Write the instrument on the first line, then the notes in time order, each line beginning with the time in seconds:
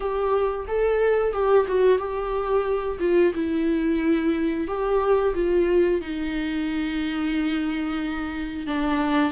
viola
0.00 G4
0.67 A4
1.32 G4
1.68 F#4
1.98 G4
2.99 F4
3.34 E4
4.67 G4
5.34 F4
6.01 D#4
8.67 D4